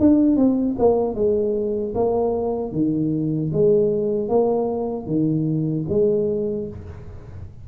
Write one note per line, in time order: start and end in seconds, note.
0.00 0.37 D4
0.37 0.76 C4
0.79 1.15 A#3
1.15 1.94 G#3
1.95 2.72 A#3
2.72 3.51 D#3
3.53 4.29 G#3
4.29 5.06 A#3
5.06 5.85 D#3
5.89 6.68 G#3